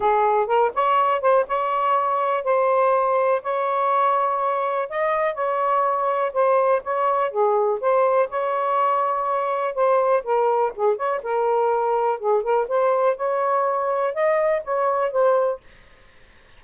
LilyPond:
\new Staff \with { instrumentName = "saxophone" } { \time 4/4 \tempo 4 = 123 gis'4 ais'8 cis''4 c''8 cis''4~ | cis''4 c''2 cis''4~ | cis''2 dis''4 cis''4~ | cis''4 c''4 cis''4 gis'4 |
c''4 cis''2. | c''4 ais'4 gis'8 cis''8 ais'4~ | ais'4 gis'8 ais'8 c''4 cis''4~ | cis''4 dis''4 cis''4 c''4 | }